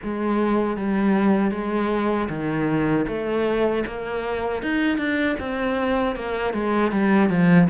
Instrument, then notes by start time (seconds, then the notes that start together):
cello
0.03 G#3
0.77 G3
1.51 G#3
2.29 D#3
3.07 A3
3.86 A#3
4.62 D#4
4.97 D4
5.39 C4
6.15 A#3
6.53 G#3
6.91 G3
7.29 F3